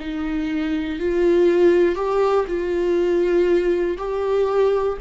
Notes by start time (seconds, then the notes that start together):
0.00 D#4
1.00 F4
1.96 G4
2.48 F4
3.98 G4